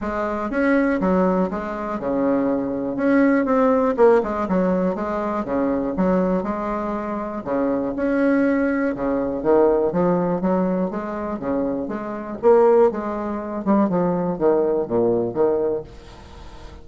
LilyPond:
\new Staff \with { instrumentName = "bassoon" } { \time 4/4 \tempo 4 = 121 gis4 cis'4 fis4 gis4 | cis2 cis'4 c'4 | ais8 gis8 fis4 gis4 cis4 | fis4 gis2 cis4 |
cis'2 cis4 dis4 | f4 fis4 gis4 cis4 | gis4 ais4 gis4. g8 | f4 dis4 ais,4 dis4 | }